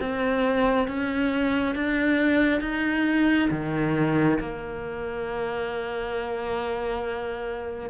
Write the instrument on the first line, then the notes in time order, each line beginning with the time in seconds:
cello
0.00 C4
0.87 C#4
1.75 D4
2.61 D#4
3.51 D#3
4.39 A#3